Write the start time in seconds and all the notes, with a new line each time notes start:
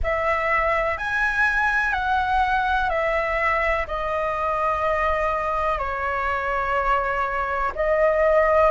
0.03 E5
0.97 G#5
1.93 F#5
2.89 E5
3.87 D#5
5.78 C#5
7.75 D#5